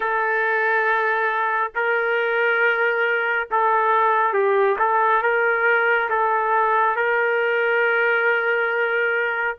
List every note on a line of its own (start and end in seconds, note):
0.00 1.72 A4
1.74 3.48 A#4
3.50 4.33 A4
4.33 4.76 G4
4.78 5.22 A4
5.22 6.09 A#4
6.09 6.96 A4
6.96 9.57 A#4